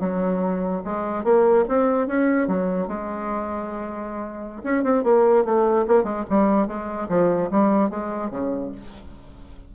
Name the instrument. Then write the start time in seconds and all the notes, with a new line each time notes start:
bassoon
0.00 F#3
0.84 G#3
1.24 A#3
1.68 C4
2.07 C#4
2.48 F#3
2.87 G#3
4.64 C#4
4.84 C4
5.04 A#3
5.45 A3
5.87 A#3
6.04 G#3
6.30 G3
6.67 G#3
7.09 F3
7.51 G3
7.90 G#3
8.31 C#3